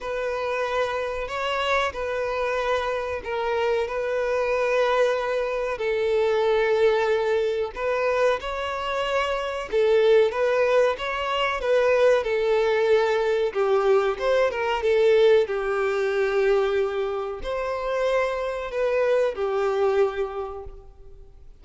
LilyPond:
\new Staff \with { instrumentName = "violin" } { \time 4/4 \tempo 4 = 93 b'2 cis''4 b'4~ | b'4 ais'4 b'2~ | b'4 a'2. | b'4 cis''2 a'4 |
b'4 cis''4 b'4 a'4~ | a'4 g'4 c''8 ais'8 a'4 | g'2. c''4~ | c''4 b'4 g'2 | }